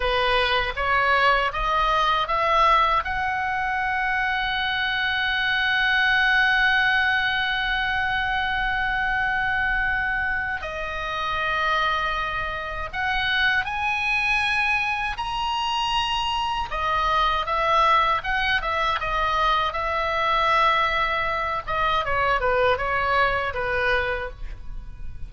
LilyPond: \new Staff \with { instrumentName = "oboe" } { \time 4/4 \tempo 4 = 79 b'4 cis''4 dis''4 e''4 | fis''1~ | fis''1~ | fis''2 dis''2~ |
dis''4 fis''4 gis''2 | ais''2 dis''4 e''4 | fis''8 e''8 dis''4 e''2~ | e''8 dis''8 cis''8 b'8 cis''4 b'4 | }